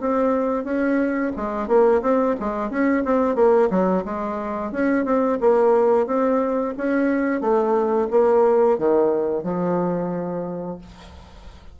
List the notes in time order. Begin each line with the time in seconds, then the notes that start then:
0.00 C4
0.64 C#4
1.36 G#3
1.67 A#3
2.02 C4
2.39 G#3
2.70 C#4
3.04 C4
3.35 A#3
3.70 F#3
4.04 G#3
4.72 C#4
5.04 C4
5.41 A#3
6.06 C4
6.77 C#4
7.41 A3
8.10 A#3
8.78 D#3
9.43 F3